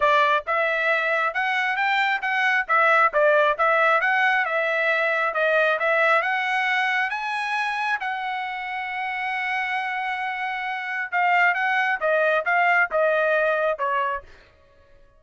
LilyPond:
\new Staff \with { instrumentName = "trumpet" } { \time 4/4 \tempo 4 = 135 d''4 e''2 fis''4 | g''4 fis''4 e''4 d''4 | e''4 fis''4 e''2 | dis''4 e''4 fis''2 |
gis''2 fis''2~ | fis''1~ | fis''4 f''4 fis''4 dis''4 | f''4 dis''2 cis''4 | }